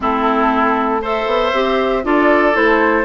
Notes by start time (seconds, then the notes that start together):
0.00 A3 C4 E4 A4
1.01 A4 C5 E5
1.26 B3
1.53 C4 G4
2.03 D4 F4 A4 D5
2.53 A3 E4 C5